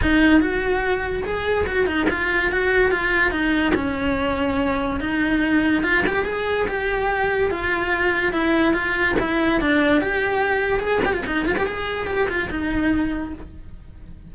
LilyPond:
\new Staff \with { instrumentName = "cello" } { \time 4/4 \tempo 4 = 144 dis'4 fis'2 gis'4 | fis'8 dis'8 f'4 fis'4 f'4 | dis'4 cis'2. | dis'2 f'8 g'8 gis'4 |
g'2 f'2 | e'4 f'4 e'4 d'4 | g'2 gis'8 g'16 f'16 dis'8 f'16 g'16 | gis'4 g'8 f'8 dis'2 | }